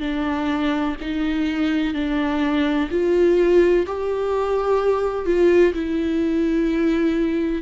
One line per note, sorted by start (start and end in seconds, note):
0.00 0.95 D4
1.00 1.94 D#4
1.94 2.89 D4
2.90 3.86 F4
3.86 5.25 G4
5.25 5.73 F4
5.73 7.62 E4